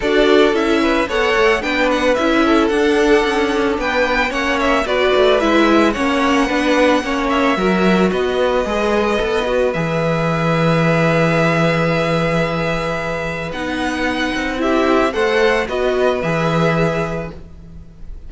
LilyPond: <<
  \new Staff \with { instrumentName = "violin" } { \time 4/4 \tempo 4 = 111 d''4 e''4 fis''4 g''8 fis''8 | e''4 fis''2 g''4 | fis''8 e''8 d''4 e''4 fis''4~ | fis''4. e''4. dis''4~ |
dis''2 e''2~ | e''1~ | e''4 fis''2 e''4 | fis''4 dis''4 e''2 | }
  \new Staff \with { instrumentName = "violin" } { \time 4/4 a'4. b'8 cis''4 b'4~ | b'8 a'2~ a'8 b'4 | cis''4 b'2 cis''4 | b'4 cis''4 ais'4 b'4~ |
b'1~ | b'1~ | b'2. g'4 | c''4 b'2. | }
  \new Staff \with { instrumentName = "viola" } { \time 4/4 fis'4 e'4 a'4 d'4 | e'4 d'2. | cis'4 fis'4 e'4 cis'4 | d'4 cis'4 fis'2 |
gis'4 a'8 fis'8 gis'2~ | gis'1~ | gis'4 dis'2 e'4 | a'4 fis'4 gis'2 | }
  \new Staff \with { instrumentName = "cello" } { \time 4/4 d'4 cis'4 b8 a8 b4 | cis'4 d'4 cis'4 b4 | ais4 b8 a8 gis4 ais4 | b4 ais4 fis4 b4 |
gis4 b4 e2~ | e1~ | e4 b4. c'4. | a4 b4 e2 | }
>>